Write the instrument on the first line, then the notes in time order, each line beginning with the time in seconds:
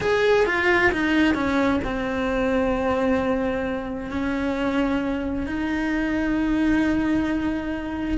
cello
0.00 G#4
0.46 F4
0.92 D#4
1.34 C#4
1.84 C4
4.10 C#4
5.46 D#4